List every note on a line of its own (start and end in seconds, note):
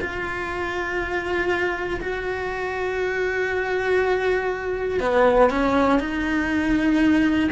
0.00 2.00 F4
2.00 5.00 F#4
5.00 5.50 B3
5.50 6.00 C#4
6.00 7.50 D#4